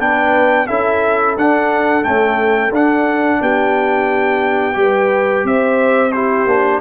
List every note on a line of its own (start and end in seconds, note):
0.00 0.68 B3
0.00 0.68 D4
0.00 0.68 B4
0.00 0.67 G5
0.67 1.37 C#4
0.67 1.37 E4
0.67 3.41 A4
0.67 1.36 E5
1.37 2.05 D4
1.37 2.03 D4
1.37 2.04 F#5
2.03 2.71 A3
2.03 2.71 C#4
2.03 2.72 G5
2.71 3.39 D4
2.71 4.74 D4
2.71 3.43 F#5
3.41 4.76 B3
3.41 4.78 G4
3.41 5.47 G5
4.74 5.44 G3
4.74 6.11 G4
4.81 5.46 B4
5.44 6.46 C4
5.44 6.13 C5
5.44 6.12 E5
6.12 6.48 E4
6.12 6.81 G4
6.12 6.80 C5
6.46 6.80 A#3
6.46 6.81 D4